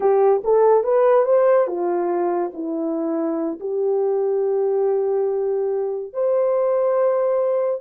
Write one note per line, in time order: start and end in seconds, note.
0.00 0.42 G4
0.44 0.83 A4
0.83 1.25 B4
1.25 1.67 C5
1.67 2.51 F4
2.53 3.59 E4
3.60 6.13 G4
6.13 7.81 C5